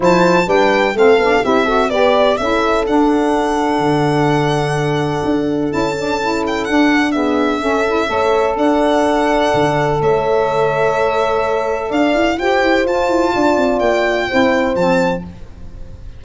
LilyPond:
<<
  \new Staff \with { instrumentName = "violin" } { \time 4/4 \tempo 4 = 126 a''4 g''4 f''4 e''4 | d''4 e''4 fis''2~ | fis''1 | a''4. g''8 fis''4 e''4~ |
e''2 fis''2~ | fis''4 e''2.~ | e''4 f''4 g''4 a''4~ | a''4 g''2 a''4 | }
  \new Staff \with { instrumentName = "horn" } { \time 4/4 c''4 b'4 a'4 g'8 a'8 | b'4 a'2.~ | a'1~ | a'2. gis'4 |
a'4 cis''4 d''2~ | d''4 cis''2.~ | cis''4 d''4 c''2 | d''2 c''2 | }
  \new Staff \with { instrumentName = "saxophone" } { \time 4/4 e'4 d'4 c'8 d'8 e'8 fis'8 | g'4 e'4 d'2~ | d'1 | e'8 d'8 e'4 d'4 b4 |
cis'8 e'8 a'2.~ | a'1~ | a'2 g'4 f'4~ | f'2 e'4 c'4 | }
  \new Staff \with { instrumentName = "tuba" } { \time 4/4 f4 g4 a8 b8 c'4 | b4 cis'4 d'2 | d2. d'4 | cis'2 d'2 |
cis'4 a4 d'2 | d4 a2.~ | a4 d'8 e'8 f'8 e'8 f'8 e'8 | d'8 c'8 ais4 c'4 f4 | }
>>